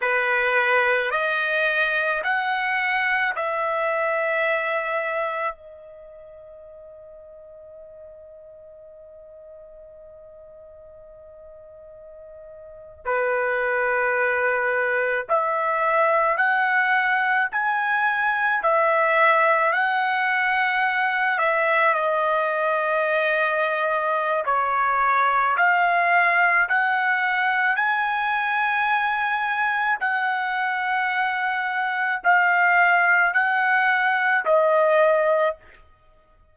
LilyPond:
\new Staff \with { instrumentName = "trumpet" } { \time 4/4 \tempo 4 = 54 b'4 dis''4 fis''4 e''4~ | e''4 dis''2.~ | dis''2.~ dis''8. b'16~ | b'4.~ b'16 e''4 fis''4 gis''16~ |
gis''8. e''4 fis''4. e''8 dis''16~ | dis''2 cis''4 f''4 | fis''4 gis''2 fis''4~ | fis''4 f''4 fis''4 dis''4 | }